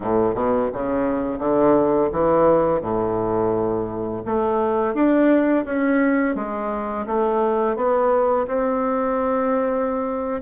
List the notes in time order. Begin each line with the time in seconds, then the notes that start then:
0.00 A2
0.34 B2
0.73 C#3
1.39 D3
2.12 E3
2.81 A2
4.25 A3
4.94 D4
5.65 C#4
6.35 G#3
7.06 A3
7.76 B3
8.47 C4